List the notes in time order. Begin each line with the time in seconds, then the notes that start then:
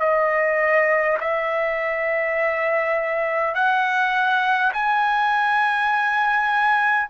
0.00 D#5
1.20 E5
3.55 F#5
4.73 G#5